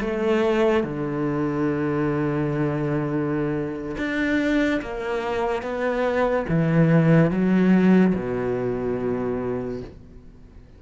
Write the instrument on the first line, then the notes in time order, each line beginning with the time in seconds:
cello
0.00 A3
0.83 D3
3.97 D4
4.81 A#3
5.62 B3
6.48 E3
7.30 F#3
8.14 B2